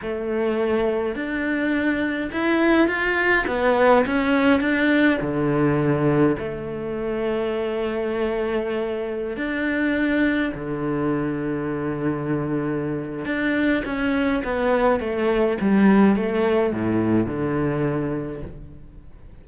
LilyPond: \new Staff \with { instrumentName = "cello" } { \time 4/4 \tempo 4 = 104 a2 d'2 | e'4 f'4 b4 cis'4 | d'4 d2 a4~ | a1~ |
a16 d'2 d4.~ d16~ | d2. d'4 | cis'4 b4 a4 g4 | a4 a,4 d2 | }